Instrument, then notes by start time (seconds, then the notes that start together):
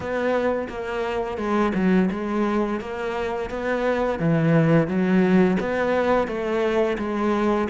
cello
0.00 B3
0.68 A#3
1.37 G#3
1.74 F#3
2.10 G#3
2.80 A#3
3.50 B3
4.19 E3
4.87 F#3
5.59 B3
6.27 A3
6.98 G#3